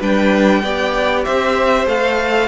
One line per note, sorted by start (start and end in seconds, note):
0.00 0.64 G3
0.00 0.64 D4
0.00 0.62 B4
0.00 1.25 G5
0.64 1.26 B3
0.64 1.87 G4
0.64 1.26 D5
1.25 1.87 C4
1.25 2.49 C5
1.25 1.88 E5
1.87 2.49 A3
1.87 2.49 A4
1.87 2.49 F5